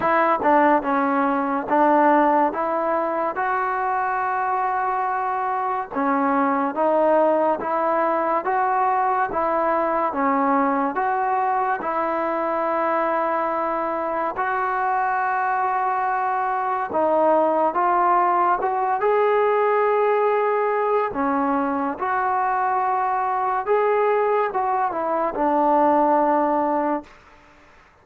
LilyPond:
\new Staff \with { instrumentName = "trombone" } { \time 4/4 \tempo 4 = 71 e'8 d'8 cis'4 d'4 e'4 | fis'2. cis'4 | dis'4 e'4 fis'4 e'4 | cis'4 fis'4 e'2~ |
e'4 fis'2. | dis'4 f'4 fis'8 gis'4.~ | gis'4 cis'4 fis'2 | gis'4 fis'8 e'8 d'2 | }